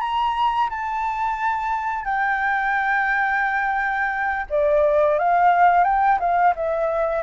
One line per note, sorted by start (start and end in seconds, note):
0.00 0.69 A#5
0.69 2.05 A5
2.05 4.46 G5
4.50 5.18 D5
5.18 5.84 F5
5.84 6.18 G5
6.19 6.54 F5
6.55 7.22 E5